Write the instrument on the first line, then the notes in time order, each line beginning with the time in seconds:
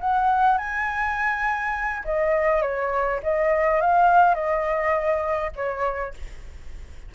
flute
0.00 F#5
0.57 G#5
2.04 D#5
2.61 C#5
3.23 D#5
3.81 F5
4.34 D#5
5.56 C#5